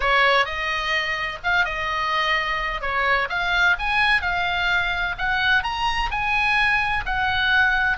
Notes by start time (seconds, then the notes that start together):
0.00 C#5
0.45 D#5
1.43 F5
1.64 D#5
2.81 C#5
3.29 F5
3.78 G#5
4.21 F5
5.18 F#5
5.63 A#5
6.10 G#5
7.05 F#5